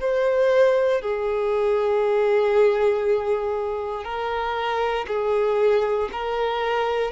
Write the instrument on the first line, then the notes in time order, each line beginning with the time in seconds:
violin
0.00 C5
1.01 G#4
4.04 A#4
5.08 G#4
6.12 A#4